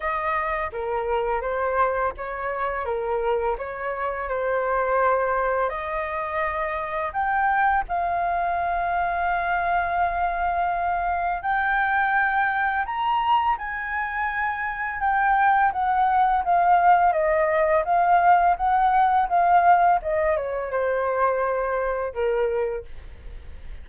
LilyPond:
\new Staff \with { instrumentName = "flute" } { \time 4/4 \tempo 4 = 84 dis''4 ais'4 c''4 cis''4 | ais'4 cis''4 c''2 | dis''2 g''4 f''4~ | f''1 |
g''2 ais''4 gis''4~ | gis''4 g''4 fis''4 f''4 | dis''4 f''4 fis''4 f''4 | dis''8 cis''8 c''2 ais'4 | }